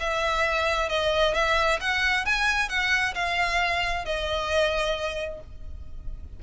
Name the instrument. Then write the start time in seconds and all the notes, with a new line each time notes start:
violin
0.00 E5
0.89 D#5
1.35 E5
1.81 F#5
2.26 G#5
2.69 F#5
3.15 F5
4.05 D#5